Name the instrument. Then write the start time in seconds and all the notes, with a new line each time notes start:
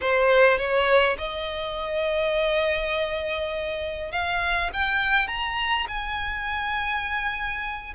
violin
0.01 C5
0.57 C#5
1.18 D#5
4.11 F5
4.73 G5
5.27 A#5
5.88 G#5